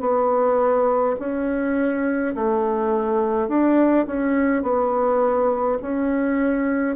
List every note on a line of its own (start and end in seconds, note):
0.00 1.15 B3
1.19 2.34 C#4
2.35 3.48 A3
3.48 4.06 D4
4.06 4.63 C#4
4.63 5.78 B3
5.82 6.96 C#4